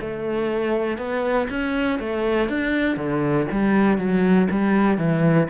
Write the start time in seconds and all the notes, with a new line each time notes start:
0.00 A3
0.98 B3
1.50 C#4
1.99 A3
2.49 D4
2.96 D3
3.51 G3
3.97 F#3
4.50 G3
4.98 E3